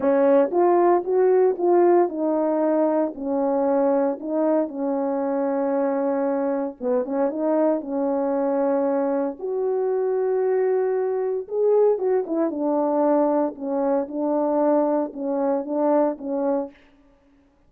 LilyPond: \new Staff \with { instrumentName = "horn" } { \time 4/4 \tempo 4 = 115 cis'4 f'4 fis'4 f'4 | dis'2 cis'2 | dis'4 cis'2.~ | cis'4 b8 cis'8 dis'4 cis'4~ |
cis'2 fis'2~ | fis'2 gis'4 fis'8 e'8 | d'2 cis'4 d'4~ | d'4 cis'4 d'4 cis'4 | }